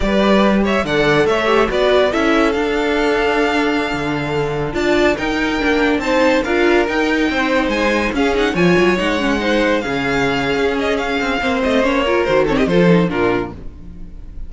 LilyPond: <<
  \new Staff \with { instrumentName = "violin" } { \time 4/4 \tempo 4 = 142 d''4. e''8 fis''4 e''4 | d''4 e''4 f''2~ | f''2.~ f''16 a''8.~ | a''16 g''2 a''4 f''8.~ |
f''16 g''2 gis''4 f''8 fis''16~ | fis''16 gis''4 fis''2 f''8.~ | f''4. dis''8 f''4. dis''8 | cis''4 c''8 cis''16 dis''16 c''4 ais'4 | }
  \new Staff \with { instrumentName = "violin" } { \time 4/4 b'4. cis''8 d''4 cis''4 | b'4 a'2.~ | a'2.~ a'16 d''8.~ | d''16 ais'2 c''4 ais'8.~ |
ais'4~ ais'16 c''2 gis'8.~ | gis'16 cis''2 c''4 gis'8.~ | gis'2. c''4~ | c''8 ais'4 a'16 g'16 a'4 f'4 | }
  \new Staff \with { instrumentName = "viola" } { \time 4/4 g'2 a'4. g'8 | fis'4 e'4 d'2~ | d'2.~ d'16 f'8.~ | f'16 dis'4 d'4 dis'4 f'8.~ |
f'16 dis'2. cis'8 dis'16~ | dis'16 f'4 dis'8 cis'8 dis'4 cis'8.~ | cis'2. c'4 | cis'8 f'8 fis'8 c'8 f'8 dis'8 d'4 | }
  \new Staff \with { instrumentName = "cello" } { \time 4/4 g2 d4 a4 | b4 cis'4 d'2~ | d'4~ d'16 d2 d'8.~ | d'16 dis'4 ais4 c'4 d'8.~ |
d'16 dis'4 c'4 gis4 cis'8.~ | cis'16 f8 fis8 gis2 cis8.~ | cis4 cis'4. c'8 ais8 a8 | ais4 dis4 f4 ais,4 | }
>>